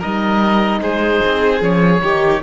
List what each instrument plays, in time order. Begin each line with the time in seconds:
0.00 cello G3, horn D#4, violin A#4, oboe D#5
0.81 cello G#3, violin G#4, oboe C5
1.26 cello C4
1.61 cello F3, horn C#4, oboe C#5
2.02 cello D#3, horn D#4, violin G4